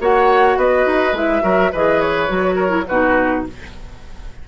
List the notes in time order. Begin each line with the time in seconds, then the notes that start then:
0.00 A#3 F#4 C#5 F#5
0.57 B3 B4 D#5
0.86 D#4
1.12 G#3 E4 E5
1.42 F#3 F#4 A#4
1.72 E3 G#4 B4 D#5
2.00 C#5
2.28 F#3 F#4
2.55 A#4
2.69 E4
2.87 B2 D#4 F#4 B4